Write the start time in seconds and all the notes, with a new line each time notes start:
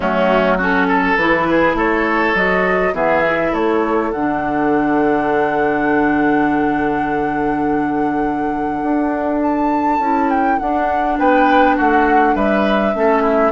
0.00 F#3 A3 C#4 F#4
0.57 C#4 F#4 A4
0.88 A4
1.16 E3 E4 B4
1.50 G#4
1.74 A3 A4 C#5
2.34 F#3 F#4 D#5
2.93 E3 B3 G#4 E5
3.25 E4
3.51 A3 A4 C#5
4.11 D3 D4 F#5
8.82 D4
9.42 A5
9.99 C#4 E4
10.29 G5
10.58 D4 F#5
11.18 B3 B4 G5
11.76 A3 F#4 F#5
12.35 G3 B4 E5
12.94 A3 C#4 A4
13.22 E4